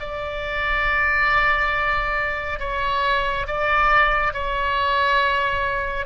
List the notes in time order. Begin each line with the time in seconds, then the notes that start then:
0.00 D5
2.59 C#5
3.47 D5
4.33 C#5